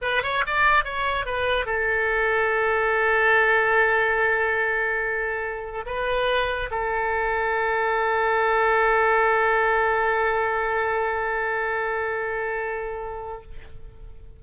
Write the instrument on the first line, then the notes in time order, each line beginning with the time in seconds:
oboe
0.01 B4
0.23 C#5
0.46 D5
0.84 C#5
1.25 B4
1.65 A4
5.86 B4
6.70 A4